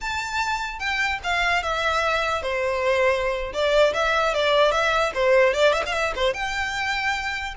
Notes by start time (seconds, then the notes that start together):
0.00 A5
0.79 G5
1.23 F5
1.63 E5
2.42 C5
3.53 D5
3.93 E5
4.34 D5
4.71 E5
5.14 C5
5.53 D5
5.72 E5
5.85 F5
5.93 E5
6.15 C5
6.33 G5